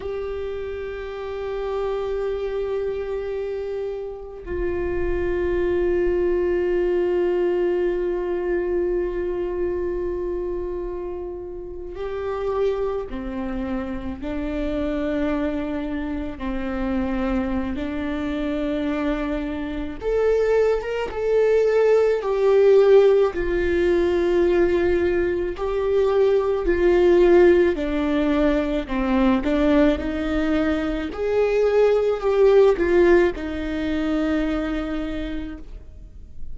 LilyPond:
\new Staff \with { instrumentName = "viola" } { \time 4/4 \tempo 4 = 54 g'1 | f'1~ | f'2~ f'8. g'4 c'16~ | c'8. d'2 c'4~ c'16 |
d'2 a'8. ais'16 a'4 | g'4 f'2 g'4 | f'4 d'4 c'8 d'8 dis'4 | gis'4 g'8 f'8 dis'2 | }